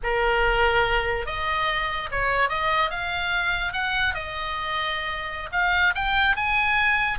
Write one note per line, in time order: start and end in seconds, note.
0.03 1.26 A#4
1.26 2.09 D#5
2.11 2.49 C#5
2.49 2.90 D#5
2.90 3.73 F5
3.73 4.14 F#5
4.14 5.49 D#5
5.52 5.93 F5
5.95 6.36 G5
6.36 7.18 G#5